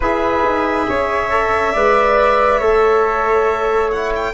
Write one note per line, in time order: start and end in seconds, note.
0.00 0.44 E4
0.00 1.30 G#4
0.00 0.86 B4
0.00 3.90 E5
0.44 0.87 D#4
0.88 1.74 C#4
0.88 1.72 C#5
1.30 1.73 A4
1.72 2.60 G#3
1.72 2.61 B4
1.72 2.59 D5
2.59 4.34 A3
2.59 3.92 A4
2.59 4.32 C#5
3.90 4.34 E4
3.90 4.12 F#5
4.15 4.34 G5